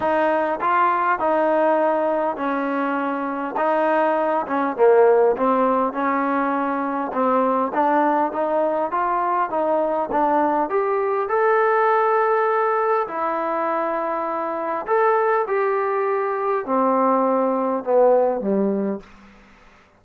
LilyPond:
\new Staff \with { instrumentName = "trombone" } { \time 4/4 \tempo 4 = 101 dis'4 f'4 dis'2 | cis'2 dis'4. cis'8 | ais4 c'4 cis'2 | c'4 d'4 dis'4 f'4 |
dis'4 d'4 g'4 a'4~ | a'2 e'2~ | e'4 a'4 g'2 | c'2 b4 g4 | }